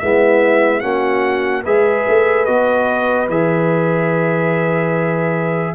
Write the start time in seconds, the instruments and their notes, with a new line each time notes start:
0.00 tuba G#3, trombone B3, horn E4, trumpet E5
0.80 tuba A#3, trombone C#4, horn F#4, trumpet F#5
1.63 tuba G#3, trombone G#4, horn B4, trumpet E5
2.08 tuba A3
2.46 tuba B3, trombone F#4, trumpet D#5
3.29 tuba E3, trombone G#4, trumpet E5